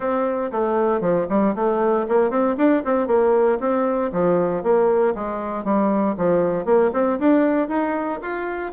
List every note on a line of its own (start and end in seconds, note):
0.00 0.51 C4
0.51 1.00 A3
1.00 1.26 F3
1.29 1.54 G3
1.55 2.06 A3
2.08 2.30 A#3
2.30 2.55 C4
2.57 2.83 D4
2.85 3.07 C4
3.07 3.58 A#3
3.59 4.11 C4
4.12 4.63 F3
4.63 5.14 A#3
5.14 5.64 G#3
5.64 6.15 G3
6.17 6.65 F3
6.65 6.90 A#3
6.93 7.18 C4
7.19 7.68 D4
7.68 8.19 D#4
8.22 8.72 F4